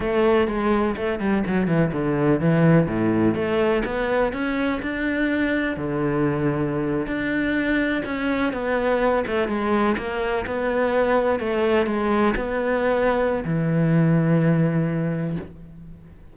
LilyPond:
\new Staff \with { instrumentName = "cello" } { \time 4/4 \tempo 4 = 125 a4 gis4 a8 g8 fis8 e8 | d4 e4 a,4 a4 | b4 cis'4 d'2 | d2~ d8. d'4~ d'16~ |
d'8. cis'4 b4. a8 gis16~ | gis8. ais4 b2 a16~ | a8. gis4 b2~ b16 | e1 | }